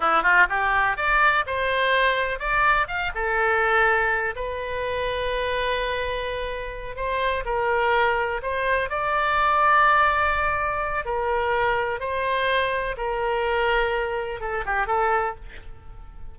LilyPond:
\new Staff \with { instrumentName = "oboe" } { \time 4/4 \tempo 4 = 125 e'8 f'8 g'4 d''4 c''4~ | c''4 d''4 f''8 a'4.~ | a'4 b'2.~ | b'2~ b'8 c''4 ais'8~ |
ais'4. c''4 d''4.~ | d''2. ais'4~ | ais'4 c''2 ais'4~ | ais'2 a'8 g'8 a'4 | }